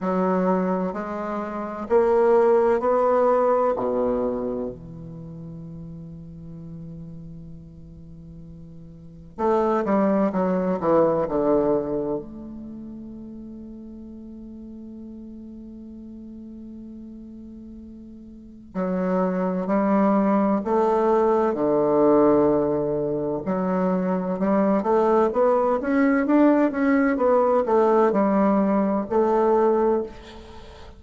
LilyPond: \new Staff \with { instrumentName = "bassoon" } { \time 4/4 \tempo 4 = 64 fis4 gis4 ais4 b4 | b,4 e2.~ | e2 a8 g8 fis8 e8 | d4 a2.~ |
a1 | fis4 g4 a4 d4~ | d4 fis4 g8 a8 b8 cis'8 | d'8 cis'8 b8 a8 g4 a4 | }